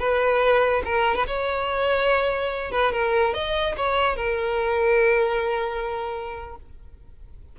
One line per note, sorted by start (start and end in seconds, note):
0.00 0.83 B4
0.86 1.16 A#4
1.16 1.27 B4
1.27 2.72 C#5
2.72 2.93 B4
2.93 3.34 A#4
3.34 3.76 D#5
3.77 4.17 C#5
4.17 6.56 A#4